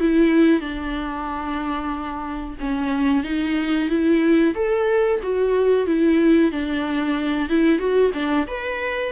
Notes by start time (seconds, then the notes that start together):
0.00 E4
0.60 D4
2.60 C#4
3.24 D#4
3.89 E4
4.54 A4
5.23 F#4
5.86 E4
6.52 D4
7.49 E4
7.78 F#4
8.14 D4
8.47 B4